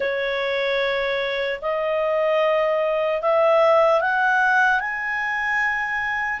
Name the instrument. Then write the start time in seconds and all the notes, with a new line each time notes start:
clarinet
0.00 C#5
1.61 D#5
3.21 E5
4.00 F#5
4.80 G#5